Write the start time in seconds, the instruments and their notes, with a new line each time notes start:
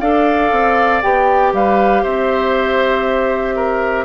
0.00 bassoon D4, clarinet A4, oboe D5, flute F5
0.51 bassoon C4
1.02 bassoon B3, clarinet G4, flute G5
1.53 bassoon G3, oboe B4, flute F5
2.03 bassoon C4, oboe C5, flute E5
3.56 oboe A#4